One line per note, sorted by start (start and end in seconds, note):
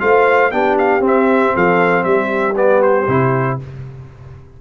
0.00 0.52 A3
0.00 0.51 F4
0.00 0.52 C5
0.00 0.51 F5
0.51 1.00 B3
0.51 1.00 D4
0.51 1.55 G4
0.51 0.77 G5
0.78 1.04 F5
1.00 2.54 C4
1.00 1.52 C4
1.07 1.57 E5
1.55 2.05 F3
1.55 2.06 A4
1.55 2.04 F5
2.04 3.07 G3
2.04 3.61 G4
2.04 2.55 E5
2.56 3.07 B3
2.56 2.82 D5
2.82 3.59 C5
3.08 3.59 C3
3.08 3.59 E4